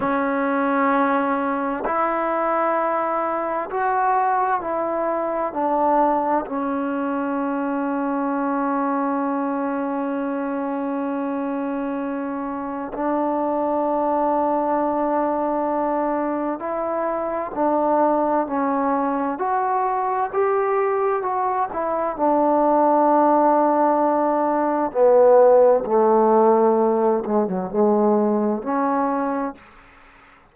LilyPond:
\new Staff \with { instrumentName = "trombone" } { \time 4/4 \tempo 4 = 65 cis'2 e'2 | fis'4 e'4 d'4 cis'4~ | cis'1~ | cis'2 d'2~ |
d'2 e'4 d'4 | cis'4 fis'4 g'4 fis'8 e'8 | d'2. b4 | a4. gis16 fis16 gis4 cis'4 | }